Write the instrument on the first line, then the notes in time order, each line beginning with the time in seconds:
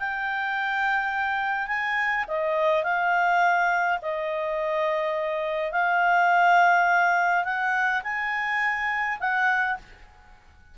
clarinet
0.00 G5
1.68 G#5
2.28 D#5
2.84 F5
4.02 D#5
5.72 F5
7.44 F#5
8.04 G#5
9.20 F#5